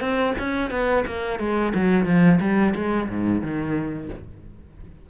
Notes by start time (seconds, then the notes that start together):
0.00 C4
0.39 C#4
0.70 B3
1.06 A#3
1.39 G#3
1.74 F#3
2.05 F3
2.40 G3
2.75 G#3
3.09 G#2
3.41 D#3